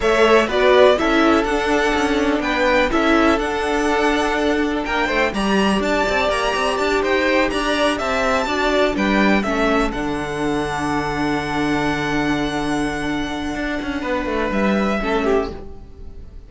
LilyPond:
<<
  \new Staff \with { instrumentName = "violin" } { \time 4/4 \tempo 4 = 124 e''4 d''4 e''4 fis''4~ | fis''4 g''4 e''4 fis''4~ | fis''2 g''4 ais''4 | a''4 ais''4 a''8 g''4 ais''8~ |
ais''8 a''2 g''4 e''8~ | e''8 fis''2.~ fis''8~ | fis''1~ | fis''2 e''2 | }
  \new Staff \with { instrumentName = "violin" } { \time 4/4 cis''4 b'4 a'2~ | a'4 b'4 a'2~ | a'2 ais'8 c''8 d''4~ | d''2~ d''8 c''4 d''8~ |
d''8 e''4 d''4 b'4 a'8~ | a'1~ | a'1~ | a'4 b'2 a'8 g'8 | }
  \new Staff \with { instrumentName = "viola" } { \time 4/4 a'4 fis'4 e'4 d'4~ | d'2 e'4 d'4~ | d'2. g'4~ | g'1~ |
g'4. fis'4 d'4 cis'8~ | cis'8 d'2.~ d'8~ | d'1~ | d'2. cis'4 | }
  \new Staff \with { instrumentName = "cello" } { \time 4/4 a4 b4 cis'4 d'4 | cis'4 b4 cis'4 d'4~ | d'2 ais8 a8 g4 | d'8 c'8 ais8 c'8 d'8 dis'4 d'8~ |
d'8 c'4 d'4 g4 a8~ | a8 d2.~ d8~ | d1 | d'8 cis'8 b8 a8 g4 a4 | }
>>